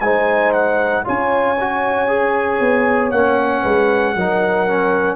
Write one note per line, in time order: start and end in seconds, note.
0.00 1.03 G#3
0.00 1.04 D#4
0.00 1.05 C5
0.00 0.52 G#5
0.52 1.04 F#5
1.04 2.60 C#4
1.04 1.56 F4
1.04 3.62 C#5
1.04 3.11 G#5
1.60 2.08 F#4
2.08 3.11 G#4
2.60 3.11 B3
3.11 3.63 A#3
3.11 4.15 C#4
3.11 5.15 F#5
3.62 4.15 G#3
3.62 4.14 B4
4.15 5.15 F#3
4.15 4.67 D#4
4.15 5.15 A#4
4.67 5.15 C#4